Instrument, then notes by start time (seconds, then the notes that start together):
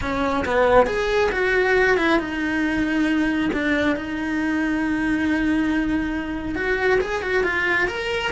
cello
0.01 C#4
0.45 B3
0.86 G#4
1.31 F#4
1.97 E4
2.19 D#4
3.53 D4
3.95 D#4
6.55 F#4
7.00 G#4
7.22 F#4
7.43 F4
7.87 A#4